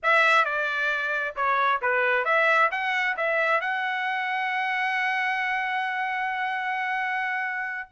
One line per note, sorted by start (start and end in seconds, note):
0.02 0.44 E5
0.44 1.35 D5
1.36 1.81 C#5
1.81 2.24 B4
2.24 2.69 E5
2.71 3.16 F#5
3.16 3.60 E5
3.60 7.89 F#5